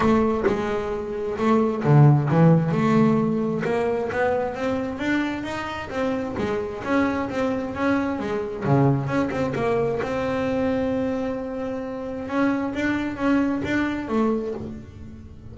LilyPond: \new Staff \with { instrumentName = "double bass" } { \time 4/4 \tempo 4 = 132 a4 gis2 a4 | d4 e4 a2 | ais4 b4 c'4 d'4 | dis'4 c'4 gis4 cis'4 |
c'4 cis'4 gis4 cis4 | cis'8 c'8 ais4 c'2~ | c'2. cis'4 | d'4 cis'4 d'4 a4 | }